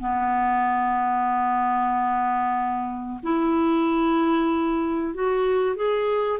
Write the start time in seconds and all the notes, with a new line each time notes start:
0.00 B3
3.23 E4
5.14 F#4
5.75 G#4